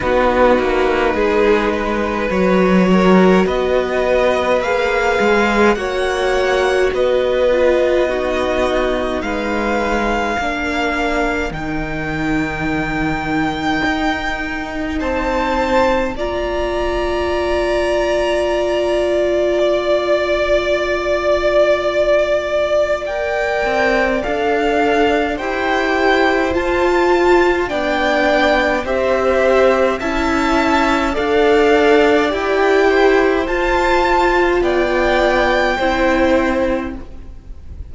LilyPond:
<<
  \new Staff \with { instrumentName = "violin" } { \time 4/4 \tempo 4 = 52 b'2 cis''4 dis''4 | f''4 fis''4 dis''2 | f''2 g''2~ | g''4 a''4 ais''2~ |
ais''4 d''2. | g''4 f''4 g''4 a''4 | g''4 e''4 a''4 f''4 | g''4 a''4 g''2 | }
  \new Staff \with { instrumentName = "violin" } { \time 4/4 fis'4 gis'8 b'4 ais'8 b'4~ | b'4 cis''4 b'4 fis'4 | b'4 ais'2.~ | ais'4 c''4 d''2~ |
d''1~ | d''2 c''2 | d''4 c''4 e''4 d''4~ | d''8 c''4. d''4 c''4 | }
  \new Staff \with { instrumentName = "viola" } { \time 4/4 dis'2 fis'2 | gis'4 fis'4. f'8 dis'4~ | dis'4 d'4 dis'2~ | dis'2 f'2~ |
f'1 | ais'4 a'4 g'4 f'4 | d'4 g'4 e'4 a'4 | g'4 f'2 e'4 | }
  \new Staff \with { instrumentName = "cello" } { \time 4/4 b8 ais8 gis4 fis4 b4 | ais8 gis8 ais4 b2 | gis4 ais4 dis2 | dis'4 c'4 ais2~ |
ais1~ | ais8 c'8 d'4 e'4 f'4 | b4 c'4 cis'4 d'4 | e'4 f'4 b4 c'4 | }
>>